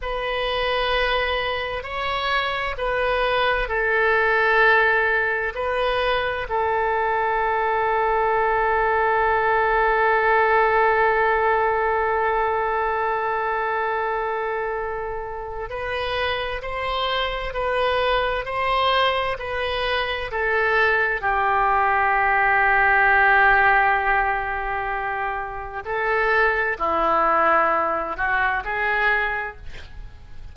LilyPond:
\new Staff \with { instrumentName = "oboe" } { \time 4/4 \tempo 4 = 65 b'2 cis''4 b'4 | a'2 b'4 a'4~ | a'1~ | a'1~ |
a'4 b'4 c''4 b'4 | c''4 b'4 a'4 g'4~ | g'1 | a'4 e'4. fis'8 gis'4 | }